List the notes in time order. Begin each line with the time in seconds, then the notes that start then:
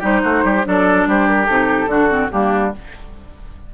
0.00 G3 D#4 G4 C5
0.24 A3 F#4
0.44 G3 G4
0.65 F#3 D4 A4 D5
1.07 G3 G4 C5
1.28 A#4
1.47 C3 D#4 A4
1.87 D3 D4 F#4
2.09 C4
2.31 G3 A#3 D4 G4